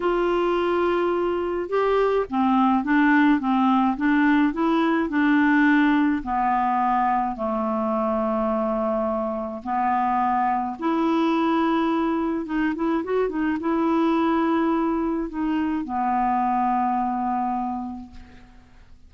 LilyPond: \new Staff \with { instrumentName = "clarinet" } { \time 4/4 \tempo 4 = 106 f'2. g'4 | c'4 d'4 c'4 d'4 | e'4 d'2 b4~ | b4 a2.~ |
a4 b2 e'4~ | e'2 dis'8 e'8 fis'8 dis'8 | e'2. dis'4 | b1 | }